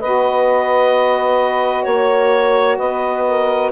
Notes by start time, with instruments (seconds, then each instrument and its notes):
0.00 bassoon B3, saxophone F#4 B4, clarinet D#5
1.84 bassoon A#3, clarinet C#5, saxophone C#5
2.77 bassoon B3, saxophone B4, clarinet D#5
3.28 saxophone A#4